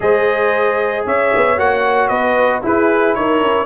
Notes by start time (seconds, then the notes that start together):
0.00 G#3 G#4 C5 D#5
1.05 C#4 C#5 E5
1.35 B3
1.56 A#3 F#4 F#5
2.08 B3 B4 D#5
2.62 E4 G#4 B4
3.14 D#4 A#4 C#5
3.40 C#4